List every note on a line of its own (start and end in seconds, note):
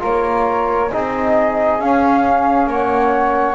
0.00 0.93 A#3
0.00 0.88 F4
0.00 0.90 A#4
0.00 0.93 C#5
0.92 1.80 C4
0.92 1.80 D#4
0.92 2.70 G#4
0.92 1.81 D#5
1.80 3.55 C#4
1.80 2.67 C#4
1.80 2.69 F5
2.67 3.55 A#3
2.67 3.55 C#5
2.67 3.55 F#5